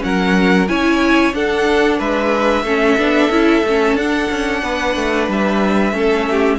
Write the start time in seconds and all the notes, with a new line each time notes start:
0.00 F#3 C#4 A#4 F#5
0.68 C#4 E4 C#5 G#5
1.34 D4 A4 F#5
1.99 G#3 B4 E5
2.63 A3 C#4 A4
2.98 B3 D4
3.30 C#4 E4
3.64 A3 C#4
3.94 D4 F#5
4.01 D4
4.30 C#4
4.63 B3 B4
4.96 A3
5.28 G3 E5
5.93 A3 C#4 A4
6.31 G4